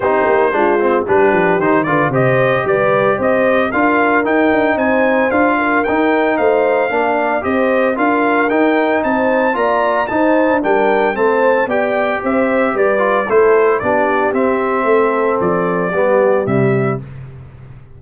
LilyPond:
<<
  \new Staff \with { instrumentName = "trumpet" } { \time 4/4 \tempo 4 = 113 c''2 b'4 c''8 d''8 | dis''4 d''4 dis''4 f''4 | g''4 gis''4 f''4 g''4 | f''2 dis''4 f''4 |
g''4 a''4 ais''4 a''4 | g''4 a''4 g''4 e''4 | d''4 c''4 d''4 e''4~ | e''4 d''2 e''4 | }
  \new Staff \with { instrumentName = "horn" } { \time 4/4 g'4 f'4 g'4. b'8 | c''4 b'4 c''4 ais'4~ | ais'4 c''4. ais'4. | c''4 d''4 c''4 ais'4~ |
ais'4 c''4 d''4 c''4 | ais'4 c''4 d''4 c''4 | b'4 a'4 g'2 | a'2 g'2 | }
  \new Staff \with { instrumentName = "trombone" } { \time 4/4 dis'4 d'8 c'8 d'4 dis'8 f'8 | g'2. f'4 | dis'2 f'4 dis'4~ | dis'4 d'4 g'4 f'4 |
dis'2 f'4 dis'4 | d'4 c'4 g'2~ | g'8 f'8 e'4 d'4 c'4~ | c'2 b4 g4 | }
  \new Staff \with { instrumentName = "tuba" } { \time 4/4 c'8 ais8 gis4 g8 f8 dis8 d8 | c4 g4 c'4 d'4 | dis'8 d'8 c'4 d'4 dis'4 | a4 ais4 c'4 d'4 |
dis'4 c'4 ais4 dis'8. d'16 | g4 a4 b4 c'4 | g4 a4 b4 c'4 | a4 f4 g4 c4 | }
>>